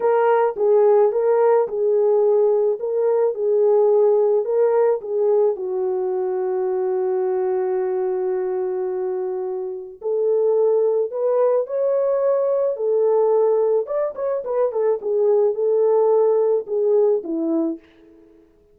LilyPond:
\new Staff \with { instrumentName = "horn" } { \time 4/4 \tempo 4 = 108 ais'4 gis'4 ais'4 gis'4~ | gis'4 ais'4 gis'2 | ais'4 gis'4 fis'2~ | fis'1~ |
fis'2 a'2 | b'4 cis''2 a'4~ | a'4 d''8 cis''8 b'8 a'8 gis'4 | a'2 gis'4 e'4 | }